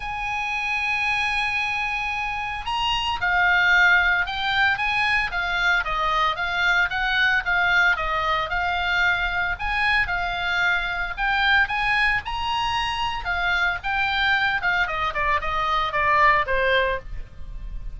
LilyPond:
\new Staff \with { instrumentName = "oboe" } { \time 4/4 \tempo 4 = 113 gis''1~ | gis''4 ais''4 f''2 | g''4 gis''4 f''4 dis''4 | f''4 fis''4 f''4 dis''4 |
f''2 gis''4 f''4~ | f''4 g''4 gis''4 ais''4~ | ais''4 f''4 g''4. f''8 | dis''8 d''8 dis''4 d''4 c''4 | }